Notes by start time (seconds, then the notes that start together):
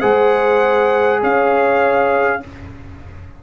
0.00 G#3 G#4 C5 F#5
1.21 C#4 C#5 F5